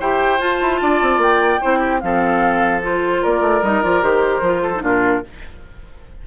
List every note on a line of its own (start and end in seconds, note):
0.00 0.41 E4
0.00 0.39 G4
0.00 0.81 C5
0.00 0.40 G5
0.39 1.60 F4
0.39 0.61 F4
0.39 1.21 A5
0.61 0.81 E4
0.82 1.02 D4
0.82 1.61 D5
1.02 1.18 C4
1.18 1.58 A#3
1.18 2.00 G5
1.61 2.03 C4
1.61 2.02 E4
1.61 1.79 C5
1.79 1.99 G4
2.00 3.24 F3
2.00 2.82 C4
2.00 3.22 A4
2.00 2.81 F5
2.82 3.62 F4
2.82 3.24 C5
3.22 3.41 A#3
3.22 4.62 A#4
3.22 3.64 D5
3.41 3.61 A3
3.62 3.82 G3
3.62 3.83 D#4
3.62 3.83 D#5
3.83 4.03 F3
3.83 4.02 F4
3.83 4.03 D5
4.02 4.41 D#3
4.02 4.42 G4
4.02 4.84 C5
4.41 4.82 F3
4.41 4.75 F4
4.62 4.83 A4
4.75 4.83 D#4
4.83 5.23 A#2
4.83 5.23 D4
4.83 5.23 F4
4.83 5.27 A#4